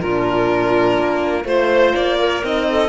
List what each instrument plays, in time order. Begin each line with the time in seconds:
0.00 cello A#2, horn D4, clarinet F4, violin A#4
0.98 cello A#3
1.44 cello A3, horn F4, clarinet C5, violin C5
1.95 cello A#3, violin D5
2.19 clarinet A#4
2.42 cello C4, horn D#4, violin D#5
2.70 clarinet A4